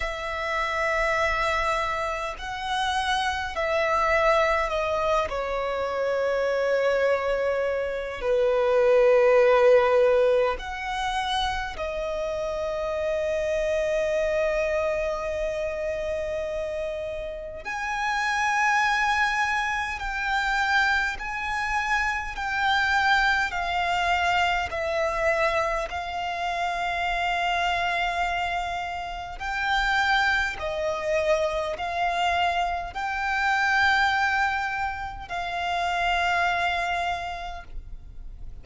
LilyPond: \new Staff \with { instrumentName = "violin" } { \time 4/4 \tempo 4 = 51 e''2 fis''4 e''4 | dis''8 cis''2~ cis''8 b'4~ | b'4 fis''4 dis''2~ | dis''2. gis''4~ |
gis''4 g''4 gis''4 g''4 | f''4 e''4 f''2~ | f''4 g''4 dis''4 f''4 | g''2 f''2 | }